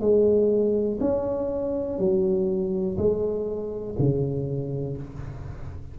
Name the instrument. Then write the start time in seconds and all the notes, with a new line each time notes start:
tuba
0.00 G#3
1.00 C#4
1.99 F#3
2.97 G#3
3.98 C#3